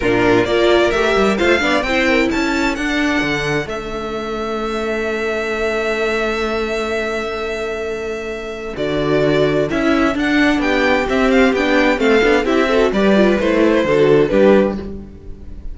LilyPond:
<<
  \new Staff \with { instrumentName = "violin" } { \time 4/4 \tempo 4 = 130 ais'4 d''4 e''4 f''4 | g''4 a''4 fis''2 | e''1~ | e''1~ |
e''2. d''4~ | d''4 e''4 fis''4 g''4 | e''8 f''8 g''4 f''4 e''4 | d''4 c''2 b'4 | }
  \new Staff \with { instrumentName = "violin" } { \time 4/4 f'4 ais'2 c''8 d''8 | c''8 ais'8 a'2.~ | a'1~ | a'1~ |
a'1~ | a'2. g'4~ | g'2 a'4 g'8 a'8 | b'2 a'4 g'4 | }
  \new Staff \with { instrumentName = "viola" } { \time 4/4 d'4 f'4 g'4 f'8 d'8 | e'2 d'2 | cis'1~ | cis'1~ |
cis'2. fis'4~ | fis'4 e'4 d'2 | c'4 d'4 c'8 d'8 e'8 fis'8 | g'8 f'8 e'4 fis'4 d'4 | }
  \new Staff \with { instrumentName = "cello" } { \time 4/4 ais,4 ais4 a8 g8 a8 b8 | c'4 cis'4 d'4 d4 | a1~ | a1~ |
a2. d4~ | d4 cis'4 d'4 b4 | c'4 b4 a8 b8 c'4 | g4 a4 d4 g4 | }
>>